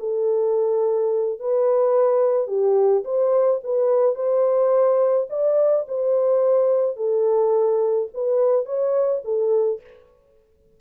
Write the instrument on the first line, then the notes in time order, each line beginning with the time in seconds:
horn
0.00 A4
1.40 B4
2.47 G4
3.05 C5
3.64 B4
4.15 C5
5.30 D5
5.88 C5
6.97 A4
8.14 B4
8.66 C#5
9.24 A4